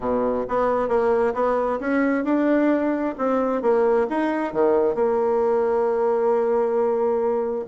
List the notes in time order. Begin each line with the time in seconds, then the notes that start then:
0.00 B2
0.48 B3
0.88 A#3
1.33 B3
1.80 C#4
2.24 D4
3.18 C4
3.62 A#3
4.09 D#4
4.52 D#3
4.94 A#3